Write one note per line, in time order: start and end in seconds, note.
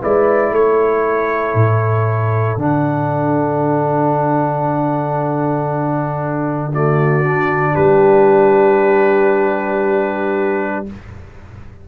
0.00 0.51 G#3
0.00 2.58 E4
0.00 0.51 B4
0.00 0.54 D5
0.51 1.54 A3
0.51 6.71 A4
0.51 2.60 C#5
1.54 2.57 A2
2.57 7.74 D3
2.57 6.72 D4
2.57 6.74 F#5
6.73 7.24 A3
6.73 7.73 F#4
6.73 7.75 D5
7.24 10.86 D4
7.73 10.88 G3
7.73 10.84 G4
7.73 10.86 B4